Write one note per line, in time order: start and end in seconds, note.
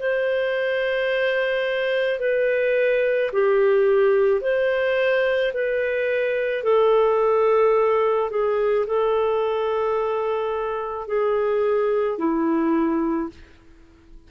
0.00 2.20 C5
2.20 3.31 B4
3.33 4.41 G4
4.41 5.53 C5
5.54 6.64 B4
6.64 8.31 A4
8.31 8.86 G#4
8.87 11.08 A4
11.08 12.19 G#4
12.19 13.30 E4